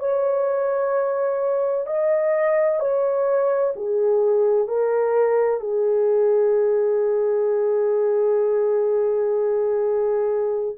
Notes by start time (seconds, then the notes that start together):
0.00 C#5
1.87 D#5
2.80 C#5
3.76 G#4
4.68 A#4
5.61 G#4